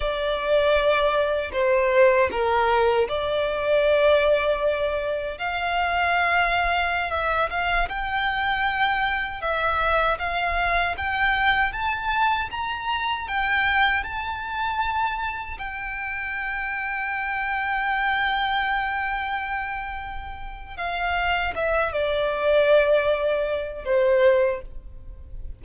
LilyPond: \new Staff \with { instrumentName = "violin" } { \time 4/4 \tempo 4 = 78 d''2 c''4 ais'4 | d''2. f''4~ | f''4~ f''16 e''8 f''8 g''4.~ g''16~ | g''16 e''4 f''4 g''4 a''8.~ |
a''16 ais''4 g''4 a''4.~ a''16~ | a''16 g''2.~ g''8.~ | g''2. f''4 | e''8 d''2~ d''8 c''4 | }